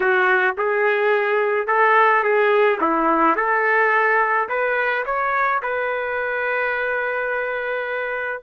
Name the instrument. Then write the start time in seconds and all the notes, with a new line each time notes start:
trumpet
0.00 F#4
0.57 G#4
1.67 A4
2.23 G#4
2.80 E4
3.36 A4
4.48 B4
5.05 C#5
5.62 B4